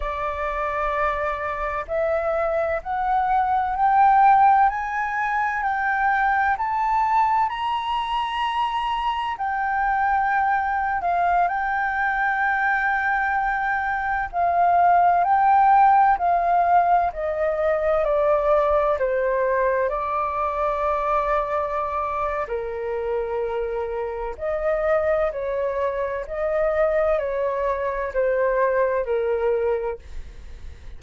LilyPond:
\new Staff \with { instrumentName = "flute" } { \time 4/4 \tempo 4 = 64 d''2 e''4 fis''4 | g''4 gis''4 g''4 a''4 | ais''2 g''4.~ g''16 f''16~ | f''16 g''2. f''8.~ |
f''16 g''4 f''4 dis''4 d''8.~ | d''16 c''4 d''2~ d''8. | ais'2 dis''4 cis''4 | dis''4 cis''4 c''4 ais'4 | }